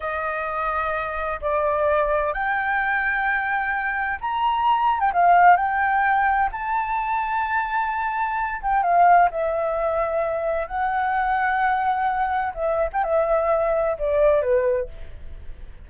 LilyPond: \new Staff \with { instrumentName = "flute" } { \time 4/4 \tempo 4 = 129 dis''2. d''4~ | d''4 g''2.~ | g''4 ais''4.~ ais''16 g''16 f''4 | g''2 a''2~ |
a''2~ a''8 g''8 f''4 | e''2. fis''4~ | fis''2. e''8. g''16 | e''2 d''4 b'4 | }